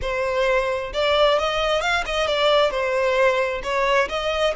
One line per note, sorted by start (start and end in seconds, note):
0.01 0.92 C5
0.93 1.38 D5
1.38 1.81 D#5
1.81 2.04 F5
2.05 2.27 D#5
2.27 2.70 D5
2.70 3.61 C5
3.63 4.08 C#5
4.08 4.54 D#5